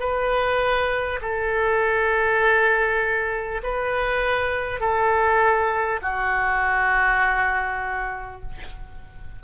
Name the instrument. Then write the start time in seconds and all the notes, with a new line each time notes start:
oboe
0.00 B4
1.22 A4
3.63 B4
4.81 A4
6.02 F#4